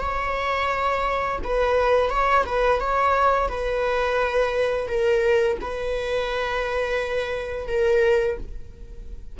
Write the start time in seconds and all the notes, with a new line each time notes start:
0.00 C#5
1.44 B4
2.10 C#5
2.46 B4
2.80 C#5
3.49 B4
4.88 A#4
5.61 B4
7.68 A#4